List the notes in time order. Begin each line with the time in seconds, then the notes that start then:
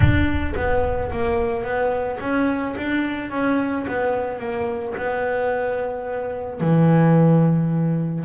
0.00 D4
0.56 B3
1.11 A#3
1.63 B3
2.20 C#4
2.76 D4
3.30 C#4
3.87 B3
4.39 A#3
4.97 B3
6.60 E3